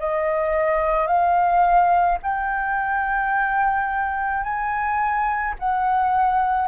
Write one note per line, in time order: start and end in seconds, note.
0.00 1.08 D#5
1.08 2.19 F5
2.23 4.44 G5
4.44 5.55 G#5
5.60 6.68 F#5